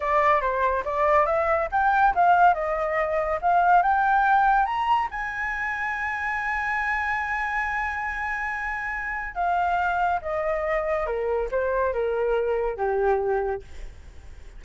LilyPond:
\new Staff \with { instrumentName = "flute" } { \time 4/4 \tempo 4 = 141 d''4 c''4 d''4 e''4 | g''4 f''4 dis''2 | f''4 g''2 ais''4 | gis''1~ |
gis''1~ | gis''2 f''2 | dis''2 ais'4 c''4 | ais'2 g'2 | }